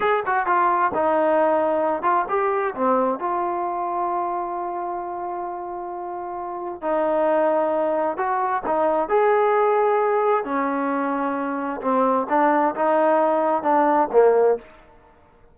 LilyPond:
\new Staff \with { instrumentName = "trombone" } { \time 4/4 \tempo 4 = 132 gis'8 fis'8 f'4 dis'2~ | dis'8 f'8 g'4 c'4 f'4~ | f'1~ | f'2. dis'4~ |
dis'2 fis'4 dis'4 | gis'2. cis'4~ | cis'2 c'4 d'4 | dis'2 d'4 ais4 | }